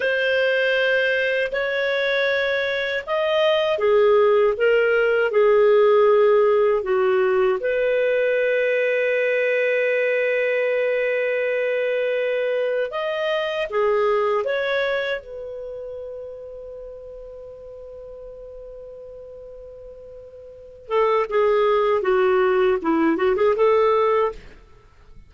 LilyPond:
\new Staff \with { instrumentName = "clarinet" } { \time 4/4 \tempo 4 = 79 c''2 cis''2 | dis''4 gis'4 ais'4 gis'4~ | gis'4 fis'4 b'2~ | b'1~ |
b'4 dis''4 gis'4 cis''4 | b'1~ | b'2.~ b'8 a'8 | gis'4 fis'4 e'8 fis'16 gis'16 a'4 | }